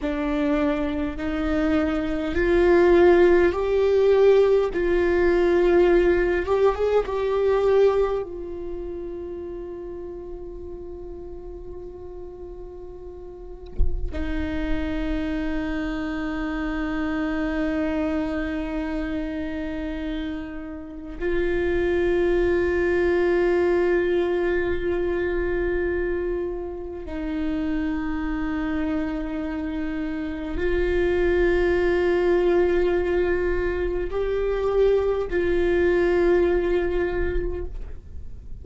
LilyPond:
\new Staff \with { instrumentName = "viola" } { \time 4/4 \tempo 4 = 51 d'4 dis'4 f'4 g'4 | f'4. g'16 gis'16 g'4 f'4~ | f'1 | dis'1~ |
dis'2 f'2~ | f'2. dis'4~ | dis'2 f'2~ | f'4 g'4 f'2 | }